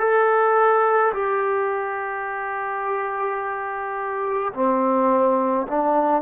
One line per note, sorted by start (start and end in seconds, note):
0.00 1.13 A4
1.14 4.53 G4
4.54 5.67 C4
5.68 6.23 D4